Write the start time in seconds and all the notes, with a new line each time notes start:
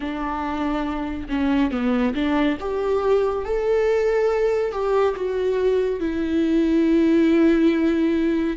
0.00 D4
1.29 C#4
1.71 B3
2.14 D4
2.59 G4
3.44 A4
4.71 G4
5.15 F#4
6.00 E4